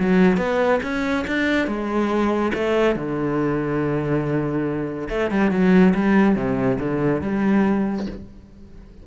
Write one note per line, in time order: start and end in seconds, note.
0.00 0.38 F#3
0.38 0.80 B3
0.83 1.26 C#4
1.27 1.67 D4
1.67 2.52 G#3
2.54 2.96 A3
2.96 5.09 D3
5.10 5.31 A3
5.31 5.51 G3
5.51 5.94 F#3
5.95 6.36 G3
6.36 6.79 C3
6.79 7.21 D3
7.21 8.07 G3